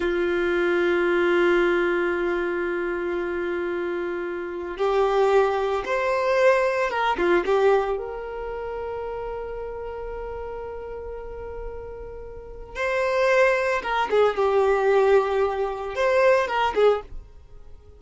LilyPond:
\new Staff \with { instrumentName = "violin" } { \time 4/4 \tempo 4 = 113 f'1~ | f'1~ | f'4 g'2 c''4~ | c''4 ais'8 f'8 g'4 ais'4~ |
ais'1~ | ais'1 | c''2 ais'8 gis'8 g'4~ | g'2 c''4 ais'8 gis'8 | }